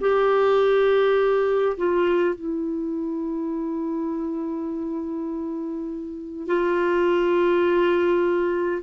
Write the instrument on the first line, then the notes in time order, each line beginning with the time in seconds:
clarinet
0.00 G4
1.77 F4
2.35 E4
6.47 F4